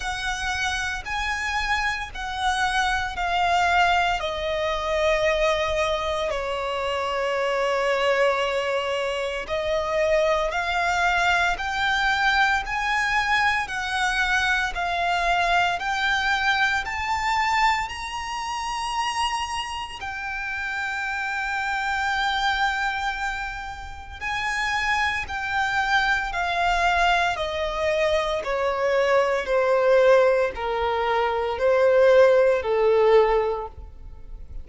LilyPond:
\new Staff \with { instrumentName = "violin" } { \time 4/4 \tempo 4 = 57 fis''4 gis''4 fis''4 f''4 | dis''2 cis''2~ | cis''4 dis''4 f''4 g''4 | gis''4 fis''4 f''4 g''4 |
a''4 ais''2 g''4~ | g''2. gis''4 | g''4 f''4 dis''4 cis''4 | c''4 ais'4 c''4 a'4 | }